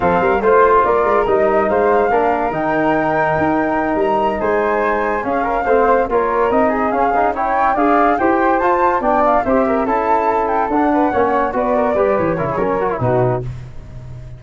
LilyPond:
<<
  \new Staff \with { instrumentName = "flute" } { \time 4/4 \tempo 4 = 143 f''4 c''4 d''4 dis''4 | f''2 g''2~ | g''4. ais''4 gis''4.~ | gis''8 f''2 cis''4 dis''8~ |
dis''8 f''4 g''4 f''4 g''8~ | g''8 a''4 g''8 f''8 e''4 a''8~ | a''4 g''8 fis''2 d''8~ | d''4 cis''2 b'4 | }
  \new Staff \with { instrumentName = "flute" } { \time 4/4 a'8 ais'8 c''4 ais'2 | c''4 ais'2.~ | ais'2~ ais'8 c''4.~ | c''8 gis'8 ais'8 c''4 ais'4. |
gis'4. cis''4 d''4 c''8~ | c''4. d''4 c''8 ais'8 a'8~ | a'2 b'8 cis''4 b'8 | ais'8 b'4 ais'16 gis'16 ais'4 fis'4 | }
  \new Staff \with { instrumentName = "trombone" } { \time 4/4 c'4 f'2 dis'4~ | dis'4 d'4 dis'2~ | dis'1~ | dis'8 cis'4 c'4 f'4 dis'8~ |
dis'8 cis'8 dis'8 e'4 gis'4 g'8~ | g'8 f'4 d'4 g'4 e'8~ | e'4. d'4 cis'4 fis'8~ | fis'8 g'4 e'8 cis'8 fis'16 e'16 dis'4 | }
  \new Staff \with { instrumentName = "tuba" } { \time 4/4 f8 g8 a4 ais8 gis8 g4 | gis4 ais4 dis2 | dis'4. g4 gis4.~ | gis8 cis'4 a4 ais4 c'8~ |
c'8 cis'2 d'4 e'8~ | e'8 f'4 b4 c'4 cis'8~ | cis'4. d'4 ais4 b8~ | b8 g8 e8 cis8 fis4 b,4 | }
>>